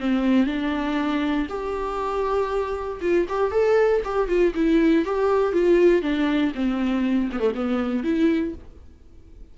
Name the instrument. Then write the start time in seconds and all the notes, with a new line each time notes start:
viola
0.00 C4
0.47 D4
1.49 G4
3.01 F4
3.29 G4
3.51 A4
4.05 G4
4.28 F4
4.55 E4
5.05 G4
5.53 F4
6.02 D4
6.55 C4
7.32 B3
7.40 A3
7.55 B3
8.04 E4